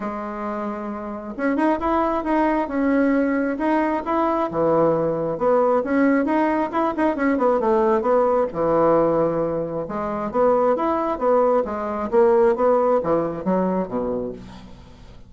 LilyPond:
\new Staff \with { instrumentName = "bassoon" } { \time 4/4 \tempo 4 = 134 gis2. cis'8 dis'8 | e'4 dis'4 cis'2 | dis'4 e'4 e2 | b4 cis'4 dis'4 e'8 dis'8 |
cis'8 b8 a4 b4 e4~ | e2 gis4 b4 | e'4 b4 gis4 ais4 | b4 e4 fis4 b,4 | }